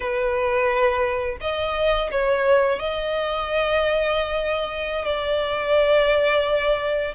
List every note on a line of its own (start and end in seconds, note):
0.00 1.37 B4
1.40 2.10 D#5
2.11 2.79 C#5
2.79 5.05 D#5
5.05 7.14 D5